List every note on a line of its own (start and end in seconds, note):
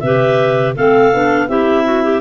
0.00 0.75 C3
0.00 0.77 G4
0.00 0.75 B4
0.00 0.73 E5
0.75 1.14 A3
0.75 1.13 C4
0.75 1.48 A4
0.75 1.49 F5
1.14 1.49 B3
1.14 1.49 D4
1.49 2.21 C4
1.49 2.21 E4
1.49 1.85 G4
1.49 2.21 E5
1.85 2.03 F#4
2.03 2.21 G4